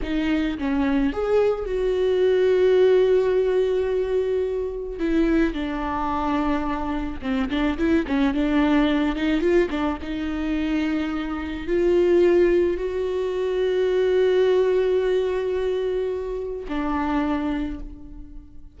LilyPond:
\new Staff \with { instrumentName = "viola" } { \time 4/4 \tempo 4 = 108 dis'4 cis'4 gis'4 fis'4~ | fis'1~ | fis'4 e'4 d'2~ | d'4 c'8 d'8 e'8 cis'8 d'4~ |
d'8 dis'8 f'8 d'8 dis'2~ | dis'4 f'2 fis'4~ | fis'1~ | fis'2 d'2 | }